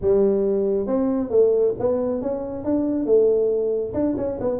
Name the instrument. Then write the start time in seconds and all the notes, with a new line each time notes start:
tuba
0.01 G3
0.87 C4
1.30 A3
1.79 B3
2.21 C#4
2.64 D4
3.05 A3
3.93 D4
4.17 C#4
4.40 B3